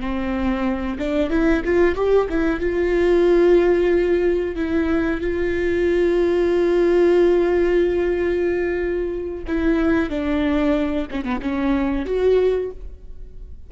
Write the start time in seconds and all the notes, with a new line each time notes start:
0.00 C4
0.98 D4
1.30 E4
1.65 F4
1.95 G4
2.29 E4
2.60 F4
4.55 E4
5.21 F4
9.47 E4
10.09 D4
11.10 C#4
11.24 B3
11.41 C#4
12.06 F#4